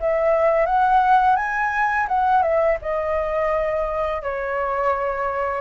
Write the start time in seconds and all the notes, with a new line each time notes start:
0.00 E5
0.66 F#5
1.36 G#5
2.08 F#5
2.43 E5
2.82 D#5
4.23 C#5